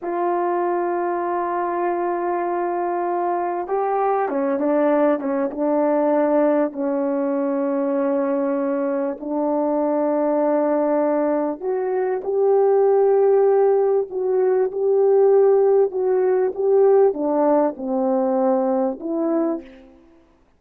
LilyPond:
\new Staff \with { instrumentName = "horn" } { \time 4/4 \tempo 4 = 98 f'1~ | f'2 g'4 cis'8 d'8~ | d'8 cis'8 d'2 cis'4~ | cis'2. d'4~ |
d'2. fis'4 | g'2. fis'4 | g'2 fis'4 g'4 | d'4 c'2 e'4 | }